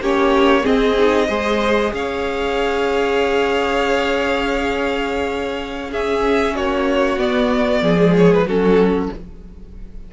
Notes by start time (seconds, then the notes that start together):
0.00 A#3 C#4 G4 C#5
0.63 C4 G#4 D#5
0.99 D#4
1.27 G#3 G#4 C5
1.93 C#4 C#5 F5
5.90 C#4 G#4 E5
6.55 A#3 F#4 C#5
7.17 B3 D5
7.82 F3 G#4
7.97 G#3
8.17 C#5
8.33 B4
8.45 F#3 C#4 F#4 A4